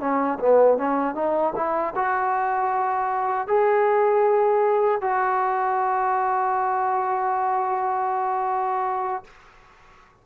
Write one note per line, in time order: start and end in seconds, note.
0.00 0.38 C#4
0.39 0.77 B3
0.77 1.14 C#4
1.14 1.53 D#4
1.56 1.94 E4
1.95 3.47 F#4
3.47 5.01 G#4
5.01 9.24 F#4